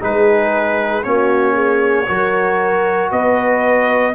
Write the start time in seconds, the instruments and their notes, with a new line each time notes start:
0.00 tuba G#3, trombone D#4, horn G#4, trumpet B4
1.03 tuba A#3, trombone C#4, horn F#4, trumpet C#5
1.53 horn G#4
2.07 tuba F#3, trombone F#4, horn A#4
3.11 tuba B3, horn B4, trumpet D#5